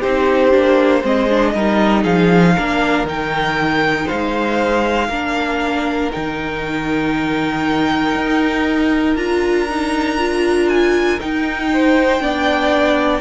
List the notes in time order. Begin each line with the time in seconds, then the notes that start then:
0.00 C4 D#4 G4 C5
0.51 A#3 D4
1.00 G#3 C4 C5 D#5
1.29 D4
1.54 G3 D#4 A#4
2.03 F3 G#4 F5
2.55 A#3 D4 A#4
3.03 D#3 D#4 G5
4.06 G#3 C5 F5
5.08 A#3 D4 A#4
6.11 D#3 D#4 G5
8.15 D#4
9.16 D4 F4 A#5
9.69 D#4
10.18 F4
10.68 G#5
11.19 D#4 G5
11.73 C5
12.19 B3 D4 D5